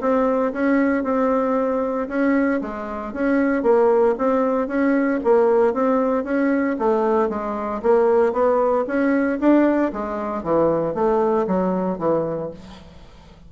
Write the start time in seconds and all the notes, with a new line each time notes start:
0.00 C4
0.52 C#4
1.03 C4
2.08 C#4
2.61 G#3
3.13 C#4
3.63 A#3
4.18 C4
4.67 C#4
5.24 A#3
5.73 C4
6.24 C#4
6.78 A3
7.29 G#3
7.82 A#3
8.33 B3
8.87 C#4
9.40 D4
9.92 G#3
10.43 E3
10.94 A3
11.47 F#3
11.98 E3